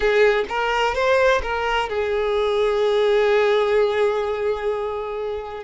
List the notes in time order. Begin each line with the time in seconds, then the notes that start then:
0.00 G#4
0.49 A#4
0.94 C5
1.42 A#4
1.89 G#4